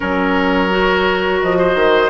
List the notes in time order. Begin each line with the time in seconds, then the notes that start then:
0.00 F#3 C#4 A#4 C#5
0.70 F#4
1.41 F3 D#5
1.58 C5
1.75 D#3